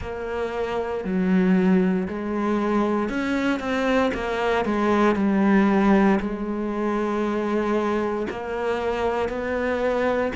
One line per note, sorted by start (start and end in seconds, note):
0.01 1.04 A#3
1.04 2.07 F#3
2.08 3.09 G#3
3.09 3.59 C#4
3.59 4.11 C4
4.14 4.65 A#3
4.65 5.15 G#3
5.15 6.19 G3
6.20 8.27 G#3
8.30 9.28 A#3
9.28 10.32 B3